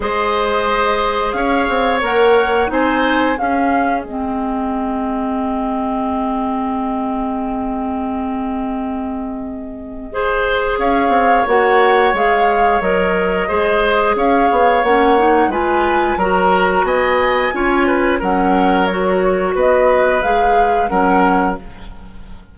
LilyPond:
<<
  \new Staff \with { instrumentName = "flute" } { \time 4/4 \tempo 4 = 89 dis''2 f''4 fis''4 | gis''4 f''4 dis''2~ | dis''1~ | dis''1 |
f''4 fis''4 f''4 dis''4~ | dis''4 f''4 fis''4 gis''4 | ais''4 gis''2 fis''4 | cis''4 dis''4 f''4 fis''4 | }
  \new Staff \with { instrumentName = "oboe" } { \time 4/4 c''2 cis''2 | c''4 gis'2.~ | gis'1~ | gis'2. c''4 |
cis''1 | c''4 cis''2 b'4 | ais'4 dis''4 cis''8 b'8 ais'4~ | ais'4 b'2 ais'4 | }
  \new Staff \with { instrumentName = "clarinet" } { \time 4/4 gis'2. ais'4 | dis'4 cis'4 c'2~ | c'1~ | c'2. gis'4~ |
gis'4 fis'4 gis'4 ais'4 | gis'2 cis'8 dis'8 f'4 | fis'2 f'4 cis'4 | fis'2 gis'4 cis'4 | }
  \new Staff \with { instrumentName = "bassoon" } { \time 4/4 gis2 cis'8 c'8 ais4 | c'4 cis'4 gis2~ | gis1~ | gis1 |
cis'8 c'8 ais4 gis4 fis4 | gis4 cis'8 b8 ais4 gis4 | fis4 b4 cis'4 fis4~ | fis4 b4 gis4 fis4 | }
>>